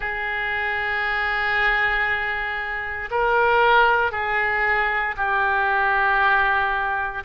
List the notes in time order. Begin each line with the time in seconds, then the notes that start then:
0.00 G#4
3.10 A#4
4.11 G#4
5.16 G4